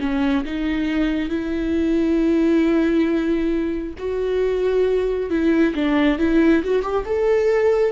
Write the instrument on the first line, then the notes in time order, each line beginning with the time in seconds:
viola
0.00 C#4
0.45 D#4
1.29 E4
3.99 F#4
5.30 E4
5.75 D4
6.18 E4
6.64 F#4
6.82 G4
7.05 A4